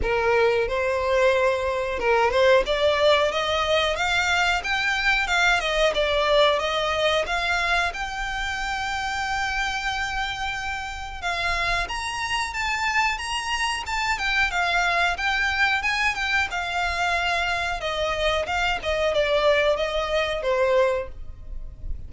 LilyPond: \new Staff \with { instrumentName = "violin" } { \time 4/4 \tempo 4 = 91 ais'4 c''2 ais'8 c''8 | d''4 dis''4 f''4 g''4 | f''8 dis''8 d''4 dis''4 f''4 | g''1~ |
g''4 f''4 ais''4 a''4 | ais''4 a''8 g''8 f''4 g''4 | gis''8 g''8 f''2 dis''4 | f''8 dis''8 d''4 dis''4 c''4 | }